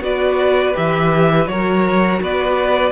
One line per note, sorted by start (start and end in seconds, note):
0.00 0.73 B3
0.00 0.73 F#4
0.00 1.51 B4
0.00 0.76 D5
0.73 1.46 E3
0.73 1.46 G4
0.73 1.47 E5
1.46 2.20 F#3
1.46 2.91 F#4
1.46 2.22 A#4
1.46 2.20 C#5
2.21 2.91 B3
2.21 2.91 B4
2.21 2.91 D5